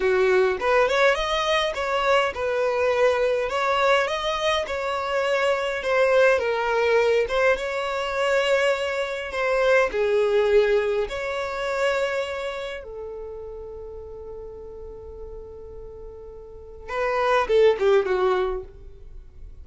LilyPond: \new Staff \with { instrumentName = "violin" } { \time 4/4 \tempo 4 = 103 fis'4 b'8 cis''8 dis''4 cis''4 | b'2 cis''4 dis''4 | cis''2 c''4 ais'4~ | ais'8 c''8 cis''2. |
c''4 gis'2 cis''4~ | cis''2 a'2~ | a'1~ | a'4 b'4 a'8 g'8 fis'4 | }